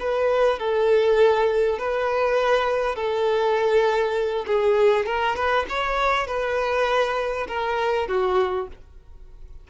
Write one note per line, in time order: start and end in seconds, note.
0.00 0.59 B4
0.59 1.79 A4
1.79 2.96 B4
2.96 4.46 A4
4.47 5.06 G#4
5.06 5.36 A#4
5.36 5.66 B4
5.69 6.28 C#5
6.28 7.48 B4
7.48 8.08 A#4
8.08 8.68 F#4